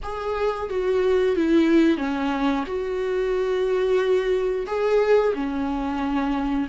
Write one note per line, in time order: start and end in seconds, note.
0.02 0.69 G#4
0.69 1.35 F#4
1.35 1.97 E4
1.97 2.64 C#4
2.66 4.66 F#4
4.66 5.33 G#4
5.33 6.67 C#4